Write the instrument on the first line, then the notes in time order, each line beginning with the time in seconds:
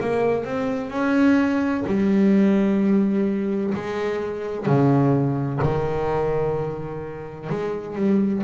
double bass
0.00 A#3
0.44 C4
0.90 C#4
1.86 G3
3.74 G#3
4.66 C#3
5.62 D#3
7.49 G#3
7.95 G3